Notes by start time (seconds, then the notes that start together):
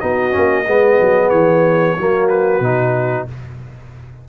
0.00 B3 D#4 F#4 D#5
0.31 A#3 C#4
0.66 G#3 B3 G#4
1.01 F#3
1.30 E3 C#5
1.97 F#3 A#3 F#4
2.29 B4
2.60 B2 D#4